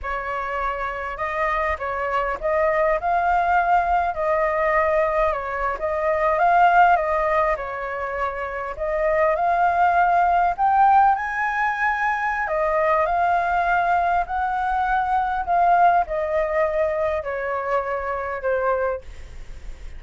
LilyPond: \new Staff \with { instrumentName = "flute" } { \time 4/4 \tempo 4 = 101 cis''2 dis''4 cis''4 | dis''4 f''2 dis''4~ | dis''4 cis''8. dis''4 f''4 dis''16~ | dis''8. cis''2 dis''4 f''16~ |
f''4.~ f''16 g''4 gis''4~ gis''16~ | gis''4 dis''4 f''2 | fis''2 f''4 dis''4~ | dis''4 cis''2 c''4 | }